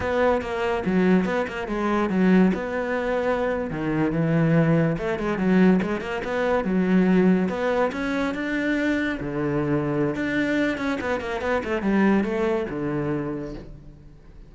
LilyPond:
\new Staff \with { instrumentName = "cello" } { \time 4/4 \tempo 4 = 142 b4 ais4 fis4 b8 ais8 | gis4 fis4 b2~ | b8. dis4 e2 a16~ | a16 gis8 fis4 gis8 ais8 b4 fis16~ |
fis4.~ fis16 b4 cis'4 d'16~ | d'4.~ d'16 d2~ d16 | d'4. cis'8 b8 ais8 b8 a8 | g4 a4 d2 | }